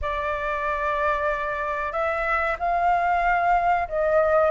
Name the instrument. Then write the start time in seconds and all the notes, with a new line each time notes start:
flute
0.01 D5
1.92 E5
2.59 F5
3.88 D#5